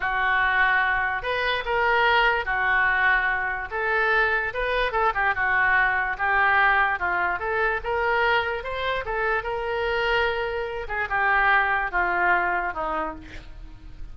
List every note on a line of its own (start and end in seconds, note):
0.00 1.22 F#4
1.22 1.63 B4
1.65 2.45 A#4
2.45 3.68 F#4
3.71 4.53 A4
4.53 4.92 B4
4.92 5.12 A4
5.14 5.34 G4
5.34 6.16 F#4
6.18 6.99 G4
6.99 7.39 F4
7.39 7.80 A4
7.83 8.63 A#4
8.63 9.04 C5
9.05 9.43 A4
9.43 10.87 A#4
10.88 11.08 G#4
11.09 11.91 G4
11.91 12.73 F4
12.73 13.15 D#4